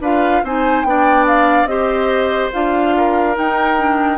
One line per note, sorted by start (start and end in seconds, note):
0.00 0.42 D4
0.00 0.44 F4
0.00 0.42 B4
0.00 0.45 F5
0.43 0.84 C4
0.43 0.86 D#4
0.43 0.86 C5
0.43 0.83 G#5
0.83 1.65 B3
0.83 1.68 D4
0.83 1.70 D5
0.83 1.25 G5
1.27 1.66 F5
1.65 2.48 C4
1.65 2.51 G4
1.65 2.95 C5
1.65 2.49 D#5
2.52 3.37 D4
2.52 3.34 F4
2.52 3.36 F5
2.97 4.17 A#4
3.34 3.76 D#4
3.34 4.17 D#4
3.34 4.17 G5
3.78 4.17 D4